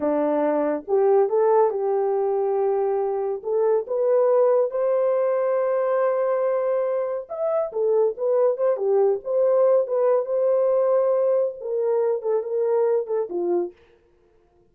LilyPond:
\new Staff \with { instrumentName = "horn" } { \time 4/4 \tempo 4 = 140 d'2 g'4 a'4 | g'1 | a'4 b'2 c''4~ | c''1~ |
c''4 e''4 a'4 b'4 | c''8 g'4 c''4. b'4 | c''2. ais'4~ | ais'8 a'8 ais'4. a'8 f'4 | }